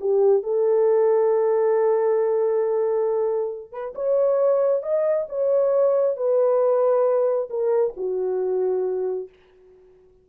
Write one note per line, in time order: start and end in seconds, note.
0.00 0.43 G4
0.43 3.71 A4
3.71 3.93 B4
3.95 4.82 C#5
4.82 5.26 D#5
5.29 6.16 C#5
6.16 7.49 B4
7.49 7.94 A#4
7.96 9.29 F#4